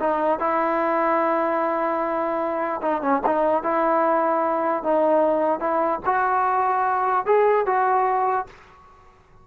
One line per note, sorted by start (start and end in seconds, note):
0.00 0.39 D#4
0.39 2.81 E4
2.82 3.02 D#4
3.02 3.22 C#4
3.26 3.63 D#4
3.63 4.83 E4
4.83 5.60 D#4
5.60 6.00 E4
6.05 7.26 F#4
7.26 7.66 G#4
7.66 8.47 F#4